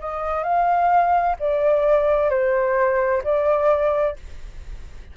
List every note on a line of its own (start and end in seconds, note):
0.00 0.44 D#5
0.44 1.36 F5
1.40 2.30 D5
2.30 3.22 C5
3.24 4.16 D5